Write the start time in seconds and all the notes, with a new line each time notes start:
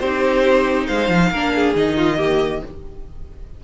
0.00 C4 D#4 G4 C5
0.87 G#3 C5 F5
1.09 F3
1.31 A#3 D4 A#4
1.55 G#4
1.75 D#3 D#4 D#5
1.97 F4
2.17 A#3 G4